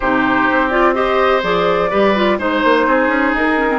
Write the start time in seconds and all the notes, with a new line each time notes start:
0.00 C3 D#4 G4 C5
0.50 C4
0.69 F4 D5
0.94 G4 C5 D#5
1.42 F3 G#4 D5
1.89 G3 G4 B4
2.15 F4
2.38 G#3 D#4 C5
2.64 A#3
2.86 C4 G#4
3.07 C#4
3.34 D#4 A#4
3.56 C#4
3.69 C4